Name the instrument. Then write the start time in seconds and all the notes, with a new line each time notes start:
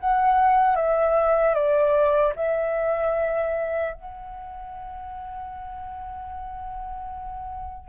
flute
0.00 F#5
0.76 E5
1.54 D5
2.36 E5
3.94 F#5